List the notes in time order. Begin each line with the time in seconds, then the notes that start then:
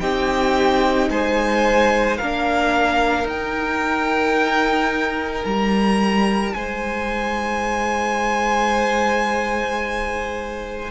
0.00 C4 D#4 G4 G5
1.10 G#3 C5 G#5
2.18 A#3 D4 A#4 F5
3.24 D#4 G5
5.45 G3 A#5
6.54 G#3 C5 G#5